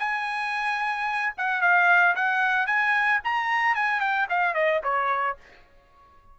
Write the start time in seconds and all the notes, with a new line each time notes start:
0.00 G#5
1.38 F#5
1.62 F5
2.16 F#5
2.67 G#5
3.25 A#5
3.76 G#5
4.01 G5
4.30 F5
4.55 D#5
4.84 C#5